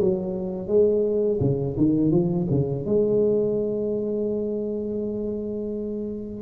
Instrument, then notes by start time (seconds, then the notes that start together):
tuba
0.00 F#3
0.68 G#3
1.40 C#3
1.77 D#3
2.11 F3
2.50 C#3
2.85 G#3